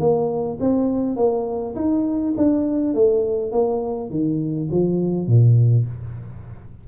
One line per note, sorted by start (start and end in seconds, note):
0.00 0.59 A#3
0.61 1.17 C4
1.17 1.76 A#3
1.76 2.35 D#4
2.37 2.95 D4
2.95 3.52 A3
3.52 4.10 A#3
4.10 4.69 D#3
4.71 5.27 F3
5.27 5.86 A#2